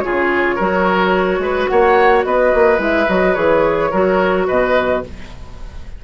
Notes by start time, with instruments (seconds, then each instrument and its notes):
0.00 bassoon C#3, clarinet F4, oboe G#4, flute C#5
0.56 bassoon F#3, clarinet F#4, oboe A#4
1.39 bassoon G#3, oboe B4
1.67 bassoon A#3, oboe C#5, flute F#5
2.25 bassoon B3, oboe B4, flute D#5
2.55 bassoon A#3
2.78 bassoon G#3, clarinet E4, flute E5
3.09 bassoon F#3, clarinet F#4, flute D#5
3.34 bassoon E3, clarinet G#4, flute C#5
3.91 bassoon F#3, clarinet F#4, oboe A#4
4.48 bassoon B2, oboe B4, flute D#5